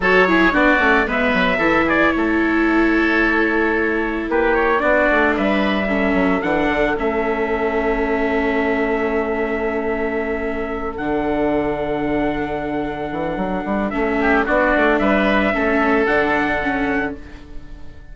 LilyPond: <<
  \new Staff \with { instrumentName = "trumpet" } { \time 4/4 \tempo 4 = 112 cis''4 d''4 e''4. d''8 | cis''1 | b'8 cis''8 d''4 e''2 | fis''4 e''2.~ |
e''1~ | e''8 fis''2.~ fis''8~ | fis''2 e''4 d''4 | e''2 fis''2 | }
  \new Staff \with { instrumentName = "oboe" } { \time 4/4 a'8 gis'8 fis'4 b'4 a'8 gis'8 | a'1 | g'4 fis'4 b'4 a'4~ | a'1~ |
a'1~ | a'1~ | a'2~ a'8 g'8 fis'4 | b'4 a'2. | }
  \new Staff \with { instrumentName = "viola" } { \time 4/4 fis'8 e'8 d'8 cis'8 b4 e'4~ | e'1~ | e'4 d'2 cis'4 | d'4 cis'2.~ |
cis'1~ | cis'8 d'2.~ d'8~ | d'2 cis'4 d'4~ | d'4 cis'4 d'4 cis'4 | }
  \new Staff \with { instrumentName = "bassoon" } { \time 4/4 fis4 b8 a8 gis8 fis8 e4 | a1 | ais4 b8 a8 g4. fis8 | e8 d8 a2.~ |
a1~ | a8 d2.~ d8~ | d8 e8 fis8 g8 a4 b8 a8 | g4 a4 d2 | }
>>